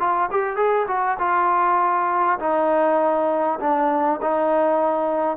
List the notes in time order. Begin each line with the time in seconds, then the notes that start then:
0.00 F4
0.31 G4
0.56 G#4
0.88 F#4
1.19 F4
2.39 D#4
3.60 D4
4.22 D#4